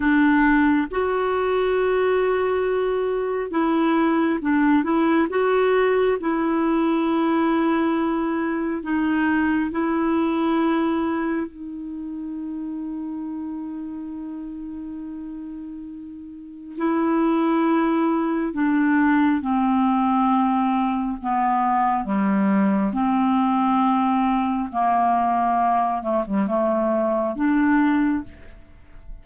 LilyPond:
\new Staff \with { instrumentName = "clarinet" } { \time 4/4 \tempo 4 = 68 d'4 fis'2. | e'4 d'8 e'8 fis'4 e'4~ | e'2 dis'4 e'4~ | e'4 dis'2.~ |
dis'2. e'4~ | e'4 d'4 c'2 | b4 g4 c'2 | ais4. a16 g16 a4 d'4 | }